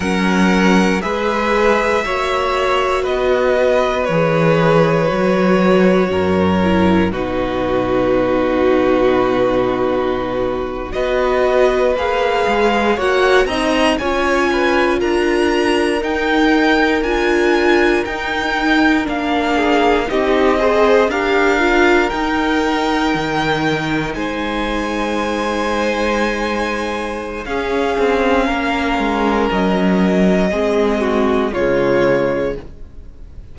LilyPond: <<
  \new Staff \with { instrumentName = "violin" } { \time 4/4 \tempo 4 = 59 fis''4 e''2 dis''4 | cis''2. b'4~ | b'2~ b'8. dis''4 f''16~ | f''8. fis''8 ais''8 gis''4 ais''4 g''16~ |
g''8. gis''4 g''4 f''4 dis''16~ | dis''8. f''4 g''2 gis''16~ | gis''2. f''4~ | f''4 dis''2 cis''4 | }
  \new Staff \with { instrumentName = "violin" } { \time 4/4 ais'4 b'4 cis''4 b'4~ | b'2 ais'4 fis'4~ | fis'2~ fis'8. b'4~ b'16~ | b'8. cis''8 dis''8 cis''8 b'8 ais'4~ ais'16~ |
ais'2.~ ais'16 gis'8 g'16~ | g'16 c''8 ais'2. c''16~ | c''2. gis'4 | ais'2 gis'8 fis'8 f'4 | }
  \new Staff \with { instrumentName = "viola" } { \time 4/4 cis'4 gis'4 fis'2 | gis'4 fis'4. e'8 dis'4~ | dis'2~ dis'8. fis'4 gis'16~ | gis'8. fis'8 dis'8 f'2 dis'16~ |
dis'8. f'4 dis'4 d'4 dis'16~ | dis'16 gis'8 g'8 f'8 dis'2~ dis'16~ | dis'2. cis'4~ | cis'2 c'4 gis4 | }
  \new Staff \with { instrumentName = "cello" } { \time 4/4 fis4 gis4 ais4 b4 | e4 fis4 fis,4 b,4~ | b,2~ b,8. b4 ais16~ | ais16 gis8 ais8 c'8 cis'4 d'4 dis'16~ |
dis'8. d'4 dis'4 ais4 c'16~ | c'8. d'4 dis'4 dis4 gis16~ | gis2. cis'8 c'8 | ais8 gis8 fis4 gis4 cis4 | }
>>